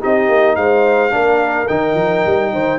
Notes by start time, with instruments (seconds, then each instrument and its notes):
0.00 tuba C4, trombone D#4, horn G4, trumpet D#5
0.29 tuba A#3
0.56 tuba G#3, horn C5, trumpet F5
1.11 tuba A#3, trombone D4, horn A#4
1.68 tuba D#3, trombone D#4, trumpet G5
1.95 tuba F3
2.26 tuba G3
2.53 tuba D#3, horn C5